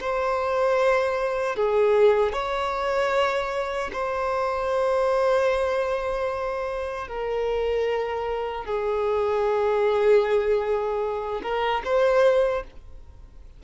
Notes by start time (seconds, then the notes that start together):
0.00 C5
1.56 G#4
2.33 C#5
3.93 C5
7.08 A#4
8.65 G#4
11.43 A#4
11.85 C5